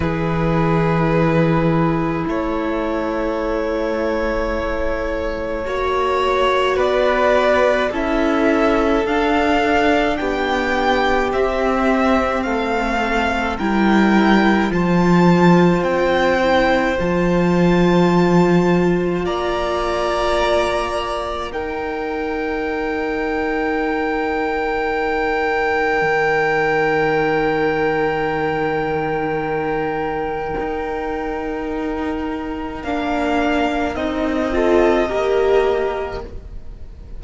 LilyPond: <<
  \new Staff \with { instrumentName = "violin" } { \time 4/4 \tempo 4 = 53 b'2 cis''2~ | cis''2 d''4 e''4 | f''4 g''4 e''4 f''4 | g''4 a''4 g''4 a''4~ |
a''4 ais''2 g''4~ | g''1~ | g''1~ | g''4 f''4 dis''2 | }
  \new Staff \with { instrumentName = "violin" } { \time 4/4 gis'2 a'2~ | a'4 cis''4 b'4 a'4~ | a'4 g'2 a'4 | ais'4 c''2.~ |
c''4 d''2 ais'4~ | ais'1~ | ais'1~ | ais'2~ ais'8 a'8 ais'4 | }
  \new Staff \with { instrumentName = "viola" } { \time 4/4 e'1~ | e'4 fis'2 e'4 | d'2 c'2 | e'4 f'4. e'8 f'4~ |
f'2. dis'4~ | dis'1~ | dis'1~ | dis'4 d'4 dis'8 f'8 g'4 | }
  \new Staff \with { instrumentName = "cello" } { \time 4/4 e2 a2~ | a4 ais4 b4 cis'4 | d'4 b4 c'4 a4 | g4 f4 c'4 f4~ |
f4 ais2 dis'4~ | dis'2. dis4~ | dis2. dis'4~ | dis'4 ais4 c'4 ais4 | }
>>